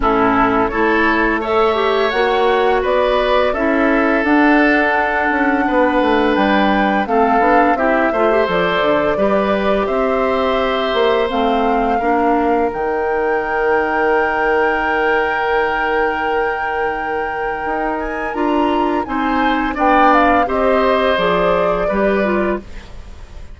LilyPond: <<
  \new Staff \with { instrumentName = "flute" } { \time 4/4 \tempo 4 = 85 a'4 cis''4 e''4 fis''4 | d''4 e''4 fis''2~ | fis''4 g''4 f''4 e''4 | d''2 e''2 |
f''2 g''2~ | g''1~ | g''4. gis''8 ais''4 gis''4 | g''8 f''8 dis''4 d''2 | }
  \new Staff \with { instrumentName = "oboe" } { \time 4/4 e'4 a'4 cis''2 | b'4 a'2. | b'2 a'4 g'8 c''8~ | c''4 b'4 c''2~ |
c''4 ais'2.~ | ais'1~ | ais'2. c''4 | d''4 c''2 b'4 | }
  \new Staff \with { instrumentName = "clarinet" } { \time 4/4 cis'4 e'4 a'8 g'8 fis'4~ | fis'4 e'4 d'2~ | d'2 c'8 d'8 e'8 f'16 g'16 | a'4 g'2. |
c'4 d'4 dis'2~ | dis'1~ | dis'2 f'4 dis'4 | d'4 g'4 gis'4 g'8 f'8 | }
  \new Staff \with { instrumentName = "bassoon" } { \time 4/4 a,4 a2 ais4 | b4 cis'4 d'4. cis'8 | b8 a8 g4 a8 b8 c'8 a8 | f8 d8 g4 c'4. ais8 |
a4 ais4 dis2~ | dis1~ | dis4 dis'4 d'4 c'4 | b4 c'4 f4 g4 | }
>>